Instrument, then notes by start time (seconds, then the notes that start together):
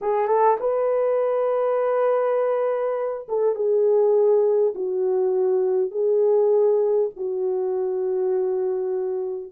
horn
0.01 G#4
0.27 A4
0.60 B4
3.28 A4
3.55 G#4
4.74 F#4
5.91 G#4
7.16 F#4